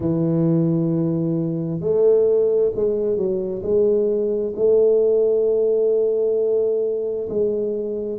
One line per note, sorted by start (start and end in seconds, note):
0.00 1.80 E3
1.80 2.71 A3
2.74 3.16 G#3
3.16 3.62 F#3
3.62 4.53 G#3
4.55 7.28 A3
7.29 8.18 G#3